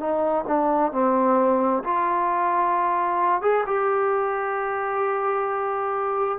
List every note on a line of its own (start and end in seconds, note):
0.00 0.45 D#4
0.48 0.93 D4
0.93 1.83 C4
1.84 3.42 F4
3.42 3.64 G#4
3.67 6.39 G4